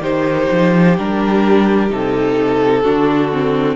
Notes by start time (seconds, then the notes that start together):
0.00 D#3 D#4 G4 C5
0.52 F3
0.98 G3 D4 A#4
1.89 C3 D#4 A4
2.82 D3 D4 F#4
3.32 C4